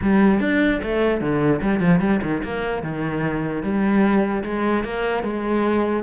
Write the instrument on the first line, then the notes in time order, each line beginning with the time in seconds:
cello
0.02 G3
0.40 D4
0.82 A3
1.20 D3
1.62 G3
1.80 F3
2.00 G3
2.22 D#3
2.43 A#3
2.82 D#3
3.62 G3
4.43 G#3
4.84 A#3
5.23 G#3